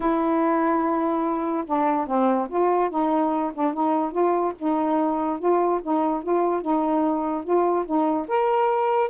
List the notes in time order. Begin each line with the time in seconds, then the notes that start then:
0.00 E4
1.66 D4
2.06 C4
2.49 F4
2.89 D#4
3.54 D4
3.73 D#4
4.11 F4
4.58 D#4
5.39 F4
5.82 D#4
6.22 F4
6.61 D#4
7.44 F4
7.85 D#4
8.28 A#4